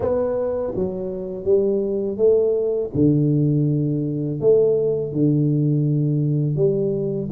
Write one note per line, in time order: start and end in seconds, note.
0.00 0.73 B3
0.75 1.44 F#3
1.44 2.17 G3
2.17 2.90 A3
2.94 4.40 D3
4.40 5.12 A3
5.12 6.56 D3
6.56 7.29 G3